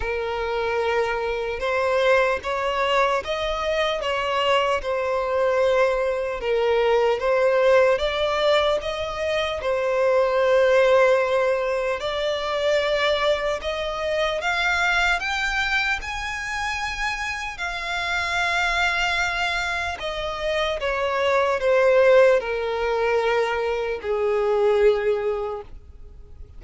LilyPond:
\new Staff \with { instrumentName = "violin" } { \time 4/4 \tempo 4 = 75 ais'2 c''4 cis''4 | dis''4 cis''4 c''2 | ais'4 c''4 d''4 dis''4 | c''2. d''4~ |
d''4 dis''4 f''4 g''4 | gis''2 f''2~ | f''4 dis''4 cis''4 c''4 | ais'2 gis'2 | }